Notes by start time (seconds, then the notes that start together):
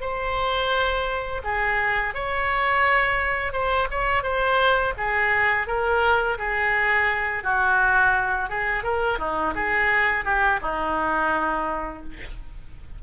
0.00 C5
1.44 G#4
2.14 C#5
3.52 C5
3.90 C#5
4.23 C5
4.97 G#4
5.67 A#4
6.38 G#4
7.43 F#4
8.49 G#4
8.83 A#4
9.18 D#4
9.55 G#4
10.24 G4
10.61 D#4